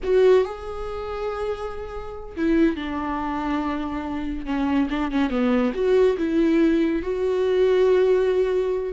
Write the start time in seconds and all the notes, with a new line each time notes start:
0.03 F#4
0.44 G#4
2.36 E4
2.76 D4
4.45 C#4
4.90 D4
5.11 C#4
5.30 B3
5.74 F#4
6.17 E4
7.02 F#4